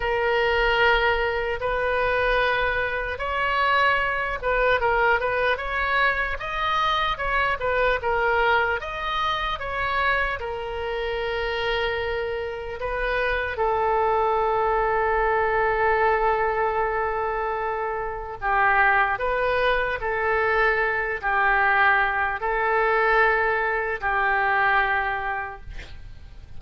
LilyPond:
\new Staff \with { instrumentName = "oboe" } { \time 4/4 \tempo 4 = 75 ais'2 b'2 | cis''4. b'8 ais'8 b'8 cis''4 | dis''4 cis''8 b'8 ais'4 dis''4 | cis''4 ais'2. |
b'4 a'2.~ | a'2. g'4 | b'4 a'4. g'4. | a'2 g'2 | }